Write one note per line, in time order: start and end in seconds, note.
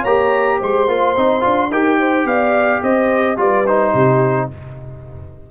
0.00 0.60 A#3
0.00 0.56 C#5
0.00 0.60 A#5
0.06 0.88 G4
0.58 0.88 G#3
0.58 1.69 C5
0.58 1.72 C6
0.88 1.15 A#3
0.88 1.16 F4
1.16 1.44 C4
1.16 1.41 D#4
1.41 1.70 D4
1.41 1.68 F4
1.70 2.25 D#4
1.70 3.36 G4
1.70 1.99 A#4
1.70 2.27 G5
1.99 2.27 C5
2.25 2.81 B3
2.25 2.83 D5
2.25 2.83 F5
2.83 3.38 C4
2.83 3.39 C5
2.83 3.39 D#5
3.36 3.93 G3
3.36 3.64 F4
3.36 3.93 B4
3.36 3.66 D5
3.66 4.50 D#4
3.66 4.50 C5
3.93 4.49 C3
3.93 4.48 G4